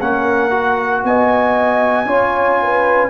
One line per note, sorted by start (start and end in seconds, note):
0.00 1.04 A#3
0.00 0.51 C#4
0.00 1.03 A#4
0.00 1.04 F#5
0.51 2.06 F#4
1.04 2.05 B3
1.04 2.08 D#5
1.04 3.10 G#5
2.05 3.09 C#4
2.05 3.09 F4
2.05 2.59 C#5
2.62 3.10 B4